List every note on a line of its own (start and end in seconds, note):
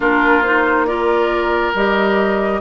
0.00 1.73 A#3
0.00 0.42 D4
0.00 0.86 F4
0.00 0.42 A#4
0.42 0.87 D#4
0.42 0.85 C5
0.86 1.74 F4
0.86 2.60 A#4
0.86 1.72 D5
1.74 2.60 G3
1.74 2.60 G4
1.74 2.60 D#5